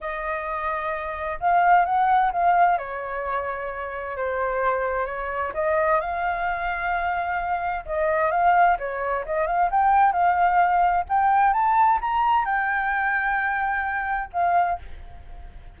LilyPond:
\new Staff \with { instrumentName = "flute" } { \time 4/4 \tempo 4 = 130 dis''2. f''4 | fis''4 f''4 cis''2~ | cis''4 c''2 cis''4 | dis''4 f''2.~ |
f''4 dis''4 f''4 cis''4 | dis''8 f''8 g''4 f''2 | g''4 a''4 ais''4 g''4~ | g''2. f''4 | }